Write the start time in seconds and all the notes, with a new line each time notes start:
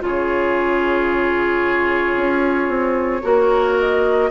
0.00 C#3 F4 G#4 C#5
2.16 C#4
2.68 C4
3.22 A#3 F#4 A#4
3.79 D#5